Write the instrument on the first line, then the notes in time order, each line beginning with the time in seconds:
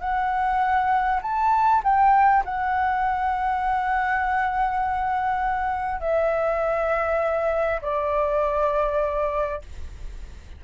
flute
0.00 F#5
1.22 A5
1.83 G5
2.45 F#5
6.00 E5
7.81 D5